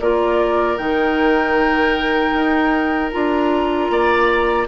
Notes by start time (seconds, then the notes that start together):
0.00 A#3 F4 A#4 D5
0.77 D#3 D#4 G5
2.33 D#4
3.12 D4 F4 A#5
3.90 A#3 D5